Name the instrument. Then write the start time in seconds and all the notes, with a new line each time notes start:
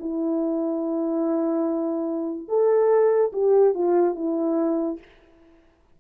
horn
0.00 E4
2.48 A4
3.33 G4
3.74 F4
4.15 E4